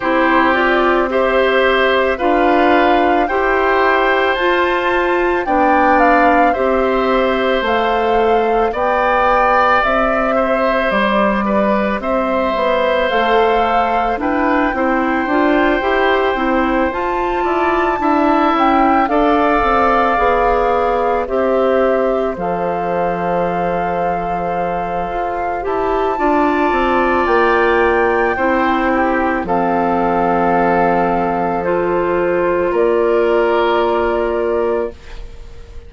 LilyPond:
<<
  \new Staff \with { instrumentName = "flute" } { \time 4/4 \tempo 4 = 55 c''8 d''8 e''4 f''4 g''4 | a''4 g''8 f''8 e''4 f''4 | g''4 e''4 d''4 e''4 | f''4 g''2~ g''8 a''8~ |
a''4 g''8 f''2 e''8~ | e''8 f''2. a''8~ | a''4 g''2 f''4~ | f''4 c''4 d''2 | }
  \new Staff \with { instrumentName = "oboe" } { \time 4/4 g'4 c''4 b'4 c''4~ | c''4 d''4 c''2 | d''4. c''4 b'8 c''4~ | c''4 b'8 c''2~ c''8 |
d''8 e''4 d''2 c''8~ | c''1 | d''2 c''8 g'8 a'4~ | a'2 ais'2 | }
  \new Staff \with { instrumentName = "clarinet" } { \time 4/4 e'8 f'8 g'4 f'4 g'4 | f'4 d'4 g'4 a'4 | g'1 | a'4 d'8 e'8 f'8 g'8 e'8 f'8~ |
f'8 e'4 a'4 gis'4 g'8~ | g'8 a'2. g'8 | f'2 e'4 c'4~ | c'4 f'2. | }
  \new Staff \with { instrumentName = "bassoon" } { \time 4/4 c'2 d'4 e'4 | f'4 b4 c'4 a4 | b4 c'4 g4 c'8 b8 | a4 e'8 c'8 d'8 e'8 c'8 f'8 |
e'8 d'8 cis'8 d'8 c'8 b4 c'8~ | c'8 f2~ f8 f'8 e'8 | d'8 c'8 ais4 c'4 f4~ | f2 ais2 | }
>>